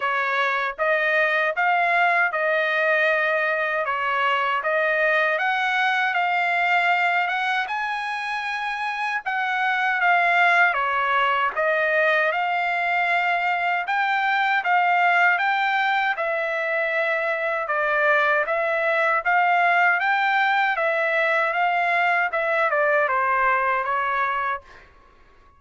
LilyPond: \new Staff \with { instrumentName = "trumpet" } { \time 4/4 \tempo 4 = 78 cis''4 dis''4 f''4 dis''4~ | dis''4 cis''4 dis''4 fis''4 | f''4. fis''8 gis''2 | fis''4 f''4 cis''4 dis''4 |
f''2 g''4 f''4 | g''4 e''2 d''4 | e''4 f''4 g''4 e''4 | f''4 e''8 d''8 c''4 cis''4 | }